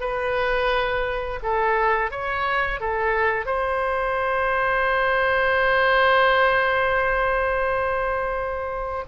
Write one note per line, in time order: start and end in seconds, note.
0.00 1.40 B4
1.42 2.11 A4
2.11 2.80 C#5
2.80 3.46 A4
3.46 9.04 C5